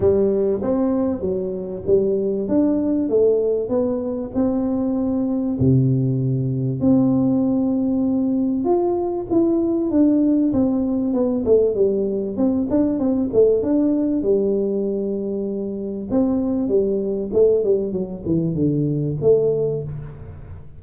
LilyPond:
\new Staff \with { instrumentName = "tuba" } { \time 4/4 \tempo 4 = 97 g4 c'4 fis4 g4 | d'4 a4 b4 c'4~ | c'4 c2 c'4~ | c'2 f'4 e'4 |
d'4 c'4 b8 a8 g4 | c'8 d'8 c'8 a8 d'4 g4~ | g2 c'4 g4 | a8 g8 fis8 e8 d4 a4 | }